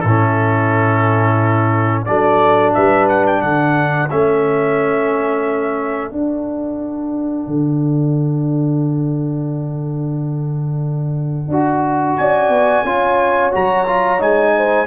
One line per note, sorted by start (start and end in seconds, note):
0.00 2.06 A2
0.00 2.06 E4
0.00 2.02 A4
0.07 2.06 C#4
2.05 2.75 F#3
2.05 4.08 D4
2.05 2.75 A4
2.05 2.72 D5
2.74 3.41 G3
2.74 3.42 B4
2.74 3.07 E5
3.09 3.25 F#5
3.27 3.41 G5
3.41 4.09 D3
3.41 12.18 A4
3.41 4.08 F#5
4.10 6.11 A3
4.10 6.10 C#4
4.10 6.12 E5
6.10 11.49 D4
6.10 7.46 D4
6.10 12.16 F#5
7.46 11.48 D3
11.48 12.15 D4
11.48 12.85 F#4
12.16 12.48 C#4
12.16 12.84 D5
12.16 13.51 G#5
12.48 12.82 B3
12.84 13.51 C#4
12.84 13.51 F4
12.84 14.53 C#5
13.51 14.20 F#3
13.51 13.85 F#4
13.51 14.22 A#5
13.87 14.19 F4
14.19 14.86 G#3
14.19 14.86 D#4
14.19 14.86 G#5
14.56 14.86 C5